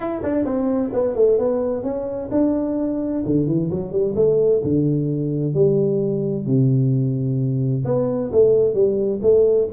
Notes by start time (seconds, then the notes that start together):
0.00 E4
0.23 D4
0.44 C4
0.92 B3
1.15 A3
1.38 B3
1.83 C#4
2.31 D4
3.25 D3
3.47 E3
3.70 F#3
3.91 G3
4.15 A3
4.63 D3
5.54 G3
6.46 C3
7.84 B3
8.31 A3
8.74 G3
9.22 A3